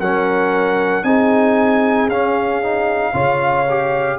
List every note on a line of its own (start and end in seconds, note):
0.00 1.04 F#3
0.00 1.04 C#4
0.00 1.05 A#4
0.00 1.04 F#5
1.04 2.08 C4
1.04 2.09 D#4
1.04 3.13 G#4
1.04 2.09 G#5
2.08 3.14 C#4
2.08 2.63 C#4
2.08 4.19 F5
2.63 3.13 D#4
3.13 4.19 C#3
3.13 3.66 F4
3.13 4.18 C#5
3.70 4.19 G4